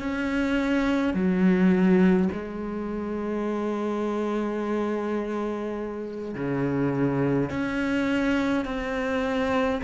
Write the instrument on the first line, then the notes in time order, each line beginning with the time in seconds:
cello
0.00 C#4
1.14 F#3
2.32 G#3
6.35 C#3
7.50 C#4
8.65 C4